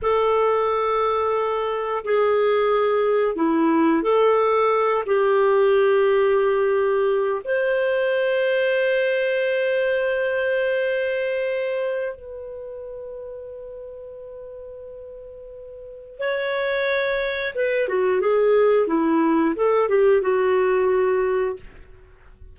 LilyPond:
\new Staff \with { instrumentName = "clarinet" } { \time 4/4 \tempo 4 = 89 a'2. gis'4~ | gis'4 e'4 a'4. g'8~ | g'2. c''4~ | c''1~ |
c''2 b'2~ | b'1 | cis''2 b'8 fis'8 gis'4 | e'4 a'8 g'8 fis'2 | }